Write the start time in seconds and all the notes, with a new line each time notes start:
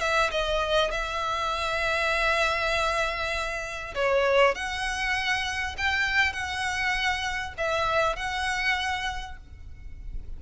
0.00 E5
0.31 D#5
0.91 E5
3.95 C#5
4.55 F#5
5.78 G5
6.33 F#5
7.58 E5
8.16 F#5